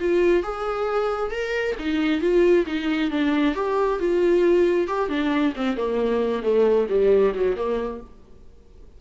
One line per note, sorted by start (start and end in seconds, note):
0.00 0.43 F4
0.43 1.31 G#4
1.31 1.76 A#4
1.79 2.21 D#4
2.21 2.66 F4
2.67 3.11 D#4
3.11 3.55 D4
3.55 4.00 G4
4.00 4.88 F4
4.88 5.09 G4
5.09 5.54 D4
5.56 5.77 C4
5.77 6.43 A#3
6.43 6.87 A3
6.89 7.34 G3
7.34 7.56 F#3
7.56 8.01 A#3